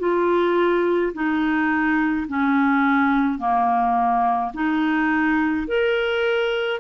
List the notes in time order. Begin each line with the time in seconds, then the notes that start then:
0.00 F4
1.14 D#4
2.28 C#4
3.39 A#3
4.54 D#4
5.68 A#4